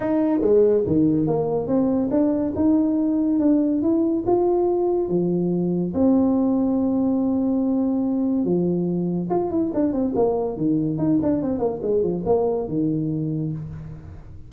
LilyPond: \new Staff \with { instrumentName = "tuba" } { \time 4/4 \tempo 4 = 142 dis'4 gis4 dis4 ais4 | c'4 d'4 dis'2 | d'4 e'4 f'2 | f2 c'2~ |
c'1 | f2 f'8 e'8 d'8 c'8 | ais4 dis4 dis'8 d'8 c'8 ais8 | gis8 f8 ais4 dis2 | }